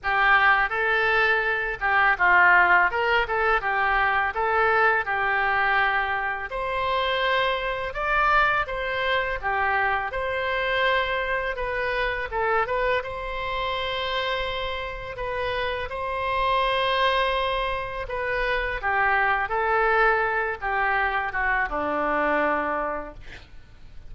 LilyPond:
\new Staff \with { instrumentName = "oboe" } { \time 4/4 \tempo 4 = 83 g'4 a'4. g'8 f'4 | ais'8 a'8 g'4 a'4 g'4~ | g'4 c''2 d''4 | c''4 g'4 c''2 |
b'4 a'8 b'8 c''2~ | c''4 b'4 c''2~ | c''4 b'4 g'4 a'4~ | a'8 g'4 fis'8 d'2 | }